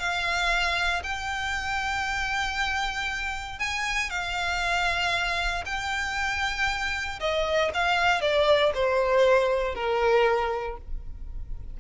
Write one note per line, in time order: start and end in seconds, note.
0.00 1.03 F5
1.03 3.59 G5
3.59 4.10 G#5
4.10 5.64 F5
5.66 7.20 G5
7.20 7.71 D#5
7.74 8.21 F5
8.21 8.72 D5
8.75 9.75 C5
9.75 10.78 A#4